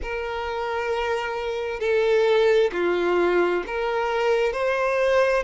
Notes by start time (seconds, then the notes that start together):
0.02 A#4
1.79 A4
2.72 F4
3.67 A#4
4.52 C5